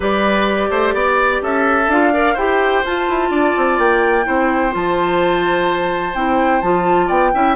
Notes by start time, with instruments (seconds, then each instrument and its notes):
0.00 bassoon G3, clarinet G4, oboe B4, flute D5
0.70 bassoon A3, oboe C5
0.94 bassoon B3, oboe D5
1.41 bassoon C#4, oboe A4, flute E5
1.87 bassoon D4, clarinet F4, flute F5
2.13 clarinet A#4, oboe D5
2.34 bassoon E4, clarinet G4, oboe C5, flute G5
2.84 bassoon F4, clarinet F4, flute A5
3.08 bassoon E4
3.30 bassoon D4, oboe D5
3.57 bassoon C4
3.78 bassoon A#3, flute G5
4.23 bassoon C4, clarinet E4, oboe C5
4.70 bassoon F3, clarinet F4, flute A5
6.14 bassoon C4, clarinet E4, flute G5
6.61 bassoon F3, clarinet F4, flute A5
7.06 bassoon B3, oboe D5, flute G5
7.33 bassoon C#4, clarinet E4, oboe E5